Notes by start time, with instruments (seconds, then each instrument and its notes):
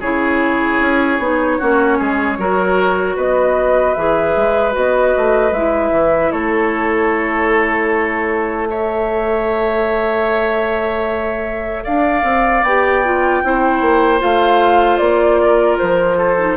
0.00 bassoon C#3, clarinet E4, oboe G#4, flute C#5
0.81 bassoon C#4
1.19 bassoon B3, clarinet D#4
1.59 bassoon A#3, clarinet C#4, oboe F#4
1.99 bassoon G#3, oboe G#4
2.38 bassoon F#3, clarinet F#4, oboe A#4
3.16 bassoon B3, oboe B4, flute D#5
3.94 bassoon E3, clarinet G#4, flute E5
4.36 bassoon G#3
4.72 bassoon B3, clarinet F#4, flute D#5
5.17 bassoon A3
5.52 bassoon G#3, clarinet E4, flute E5
5.92 bassoon E3
6.32 bassoon A3, oboe A4, flute C#5
8.70 clarinet A4, oboe C#5, flute E5
11.84 bassoon D4, oboe D5, flute F5
12.24 bassoon C4
12.63 bassoon B3, clarinet G4, flute G5
13.04 clarinet F4
13.44 bassoon C4, clarinet E4, oboe C5
13.81 bassoon A#3
14.19 bassoon A3, clarinet F4, flute F5
14.98 bassoon A#3, flute D5
15.43 oboe A#4
15.78 bassoon F3, flute C5
16.17 oboe A4
16.39 clarinet D#4